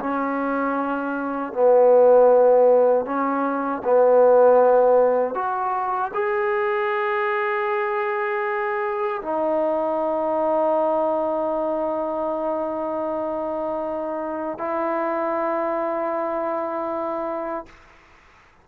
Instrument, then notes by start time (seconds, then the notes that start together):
trombone
0.00 C#4
1.53 B3
3.06 C#4
3.85 B3
5.35 F#4
6.14 G#4
9.22 D#4
14.58 E4